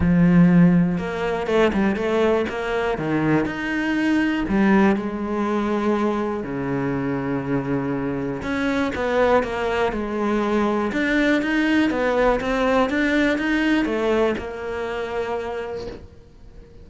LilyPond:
\new Staff \with { instrumentName = "cello" } { \time 4/4 \tempo 4 = 121 f2 ais4 a8 g8 | a4 ais4 dis4 dis'4~ | dis'4 g4 gis2~ | gis4 cis2.~ |
cis4 cis'4 b4 ais4 | gis2 d'4 dis'4 | b4 c'4 d'4 dis'4 | a4 ais2. | }